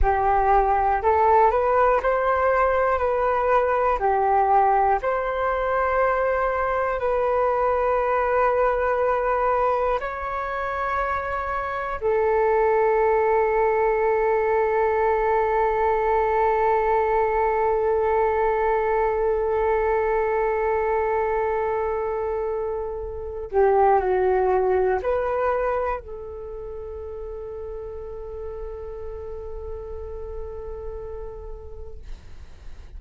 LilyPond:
\new Staff \with { instrumentName = "flute" } { \time 4/4 \tempo 4 = 60 g'4 a'8 b'8 c''4 b'4 | g'4 c''2 b'4~ | b'2 cis''2 | a'1~ |
a'1~ | a'2.~ a'8 g'8 | fis'4 b'4 a'2~ | a'1 | }